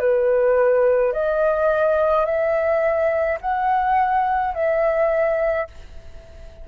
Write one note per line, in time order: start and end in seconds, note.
0.00 1.13 B4
1.13 2.26 D#5
2.26 3.39 E5
3.41 4.54 F#5
4.54 5.68 E5